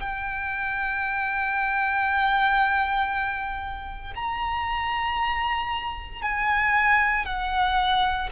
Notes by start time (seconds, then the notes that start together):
0.00 G5
4.15 A#5
6.22 G#5
7.26 F#5